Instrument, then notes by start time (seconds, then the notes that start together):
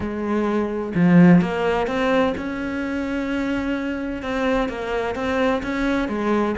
cello
0.00 G#3
0.94 F3
1.41 A#3
1.87 C4
2.37 C#4
4.22 C4
4.69 A#3
5.15 C4
5.62 C#4
6.08 G#3